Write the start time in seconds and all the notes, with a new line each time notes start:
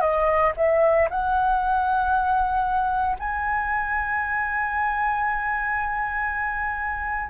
0.00 D#5
0.56 E5
1.10 F#5
3.19 G#5